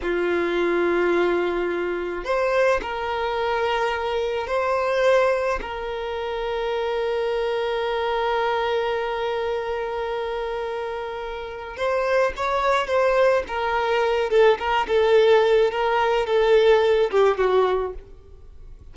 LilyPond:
\new Staff \with { instrumentName = "violin" } { \time 4/4 \tempo 4 = 107 f'1 | c''4 ais'2. | c''2 ais'2~ | ais'1~ |
ais'1~ | ais'4 c''4 cis''4 c''4 | ais'4. a'8 ais'8 a'4. | ais'4 a'4. g'8 fis'4 | }